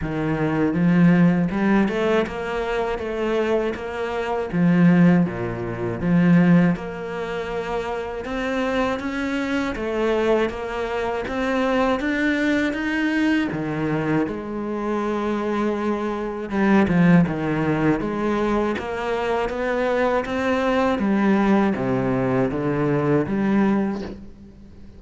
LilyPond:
\new Staff \with { instrumentName = "cello" } { \time 4/4 \tempo 4 = 80 dis4 f4 g8 a8 ais4 | a4 ais4 f4 ais,4 | f4 ais2 c'4 | cis'4 a4 ais4 c'4 |
d'4 dis'4 dis4 gis4~ | gis2 g8 f8 dis4 | gis4 ais4 b4 c'4 | g4 c4 d4 g4 | }